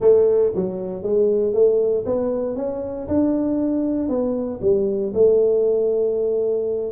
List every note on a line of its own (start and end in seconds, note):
0.00 0.52 A3
0.55 1.03 F#3
1.03 1.53 G#3
1.53 2.05 A3
2.05 2.56 B3
2.56 3.07 C#4
3.08 4.08 D4
4.08 4.60 B3
4.61 5.13 G3
5.14 6.91 A3